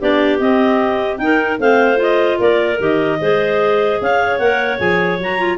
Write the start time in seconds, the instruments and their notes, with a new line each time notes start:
0.00 tuba B3, clarinet D4 G4 D5
0.40 tuba C4, clarinet C4 D#5
1.18 tuba D#4, clarinet D#4 A#4 G5
1.59 tuba A3, clarinet C4 C5 F5
1.96 clarinet F4 D#5
2.39 tuba A#3, clarinet A#4 D5
2.79 tuba D#3, clarinet G4 D#5
3.21 tuba G#3, clarinet G#4 C5
4.01 tuba C#4, clarinet C#5 F5
4.39 tuba A#3, clarinet A#4 F#5
4.79 tuba F3, clarinet G#4 G#5
5.19 tuba F#3, clarinet F#4 A#5
5.39 clarinet F4